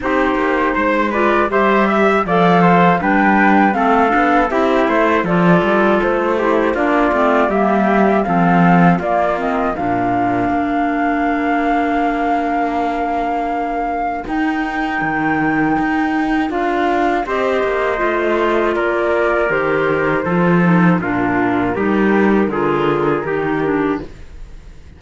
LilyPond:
<<
  \new Staff \with { instrumentName = "flute" } { \time 4/4 \tempo 4 = 80 c''4. d''8 e''4 f''4 | g''4 f''4 e''4 d''4 | c''4 d''4 e''4 f''4 | d''8 dis''8 f''2.~ |
f''2. g''4~ | g''2 f''4 dis''4~ | dis''4 d''4 c''2 | ais'1 | }
  \new Staff \with { instrumentName = "trumpet" } { \time 4/4 g'4 c''8 b'8 c''8 e''8 d''8 c''8 | b'4 a'4 g'8 c''8 a'4~ | a'8 g'8 f'4 g'4 a'4 | f'4 ais'2.~ |
ais'1~ | ais'2. c''4~ | c''4 ais'2 a'4 | f'4 g'4 gis'4 g'4 | }
  \new Staff \with { instrumentName = "clarinet" } { \time 4/4 dis'4. f'8 g'4 a'4 | d'4 c'8 d'8 e'4 f'4~ | f'8 e'8 d'8 c'8 ais4 c'4 | ais8 c'8 d'2.~ |
d'2. dis'4~ | dis'2 f'4 g'4 | f'2 g'4 f'8 dis'8 | d'4 dis'4 f'4 dis'8 d'8 | }
  \new Staff \with { instrumentName = "cello" } { \time 4/4 c'8 ais8 gis4 g4 f4 | g4 a8 b8 c'8 a8 f8 g8 | a4 ais8 a8 g4 f4 | ais4 ais,4 ais2~ |
ais2. dis'4 | dis4 dis'4 d'4 c'8 ais8 | a4 ais4 dis4 f4 | ais,4 g4 d4 dis4 | }
>>